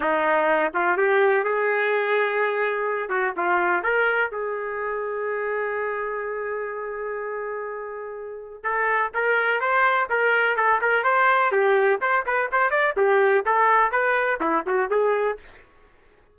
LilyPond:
\new Staff \with { instrumentName = "trumpet" } { \time 4/4 \tempo 4 = 125 dis'4. f'8 g'4 gis'4~ | gis'2~ gis'8 fis'8 f'4 | ais'4 gis'2.~ | gis'1~ |
gis'2 a'4 ais'4 | c''4 ais'4 a'8 ais'8 c''4 | g'4 c''8 b'8 c''8 d''8 g'4 | a'4 b'4 e'8 fis'8 gis'4 | }